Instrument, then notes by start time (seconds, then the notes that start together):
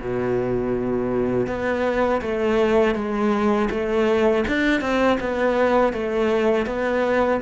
cello
0.00 B2
1.47 B3
2.22 A3
2.95 G#3
3.70 A3
4.47 D4
4.81 C4
5.20 B3
5.93 A3
6.66 B3